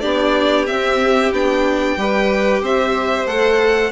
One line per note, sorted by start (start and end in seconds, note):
0.00 0.68 B3
0.00 0.66 D4
0.00 1.97 G4
0.00 0.65 D5
0.67 1.32 C4
0.67 1.31 C4
0.67 1.32 E5
1.31 1.96 B3
1.31 1.98 D4
1.31 2.65 G5
1.97 2.61 G3
1.97 3.27 G4
1.97 2.62 B4
2.61 3.26 C4
2.61 3.91 C5
2.61 3.27 E5
3.26 3.91 A3
3.26 3.91 A4
3.26 3.91 F#5